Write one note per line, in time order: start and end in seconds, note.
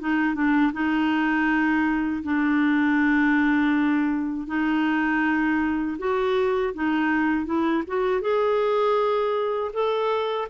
0.00 0.35 D#4
0.35 0.72 D4
0.73 2.23 D#4
2.24 4.48 D4
4.48 5.98 D#4
5.99 6.74 F#4
6.74 7.46 D#4
7.46 7.83 E4
7.88 8.22 F#4
8.22 9.72 G#4
9.73 10.48 A4